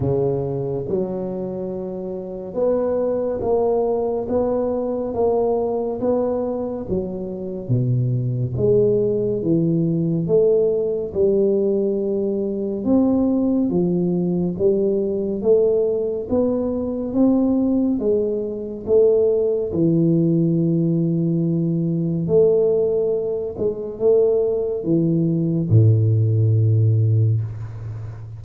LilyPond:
\new Staff \with { instrumentName = "tuba" } { \time 4/4 \tempo 4 = 70 cis4 fis2 b4 | ais4 b4 ais4 b4 | fis4 b,4 gis4 e4 | a4 g2 c'4 |
f4 g4 a4 b4 | c'4 gis4 a4 e4~ | e2 a4. gis8 | a4 e4 a,2 | }